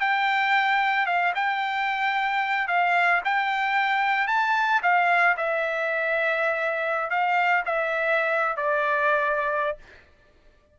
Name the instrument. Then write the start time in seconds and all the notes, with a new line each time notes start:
trumpet
0.00 G5
1.06 F5
1.35 G5
2.68 F5
3.25 G5
4.27 A5
4.83 F5
5.37 E5
7.10 F5
7.66 E5
8.57 D5